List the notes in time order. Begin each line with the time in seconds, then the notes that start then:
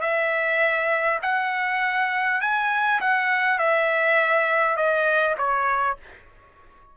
0.00 E5
1.22 F#5
2.41 G#5
3.00 F#5
3.58 E5
4.76 D#5
5.37 C#5